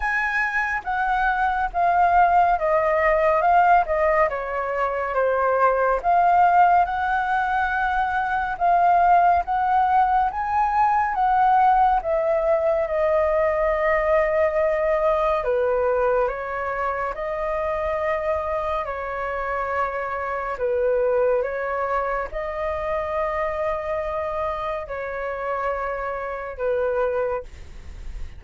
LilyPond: \new Staff \with { instrumentName = "flute" } { \time 4/4 \tempo 4 = 70 gis''4 fis''4 f''4 dis''4 | f''8 dis''8 cis''4 c''4 f''4 | fis''2 f''4 fis''4 | gis''4 fis''4 e''4 dis''4~ |
dis''2 b'4 cis''4 | dis''2 cis''2 | b'4 cis''4 dis''2~ | dis''4 cis''2 b'4 | }